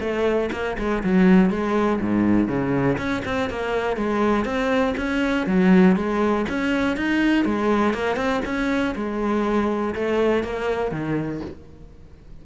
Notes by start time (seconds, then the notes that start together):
0.00 A3
0.52 A#3
0.78 G#3
1.03 F#3
1.50 G#3
2.01 G#2
2.48 C#3
2.98 C#4
3.25 C4
3.50 A#3
3.97 G#3
4.45 C4
4.97 C#4
5.47 F#3
5.96 G#3
6.49 C#4
6.96 D#4
7.45 G#3
7.94 A#3
8.16 C4
8.45 C#4
8.95 G#3
9.95 A3
10.43 A#3
10.91 D#3